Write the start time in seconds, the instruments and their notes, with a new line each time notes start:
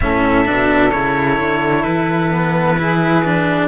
0.00 cello A2 C#4, saxophone A4, trumpet E5
0.45 cello B2 D4
0.91 cello C#3 E4, trumpet C#5
1.39 cello D3
1.83 cello E3, trumpet B4
2.30 cello B3
2.77 cello E4, saxophone G#4
3.24 cello D4